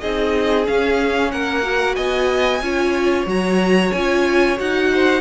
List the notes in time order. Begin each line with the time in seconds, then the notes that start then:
0.00 C4 D#4 G#4 D#5
0.65 C#4 F5
1.32 A#3 A#4 F#5
1.63 F#4
1.96 B3 D#5 G#5
2.61 C#4 F4 C#5
3.26 F#3 F#4 A#5
3.92 C#4 F4 G#5
4.57 D#4 F#4 F#5
4.94 C5